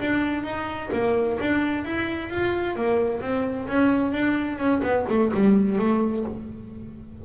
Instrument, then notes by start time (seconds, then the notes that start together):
double bass
0.00 D4
0.43 D#4
0.93 A#3
1.40 D4
1.85 E4
2.30 F4
2.76 A#3
3.21 C4
3.68 C#4
4.12 D4
4.58 C#4
4.83 B3
5.09 A3
5.34 G3
5.78 A3